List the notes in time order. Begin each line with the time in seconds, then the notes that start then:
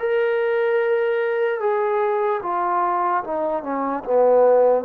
0.00 A#4
1.61 G#4
2.43 F4
3.24 D#4
3.63 C#4
4.05 B3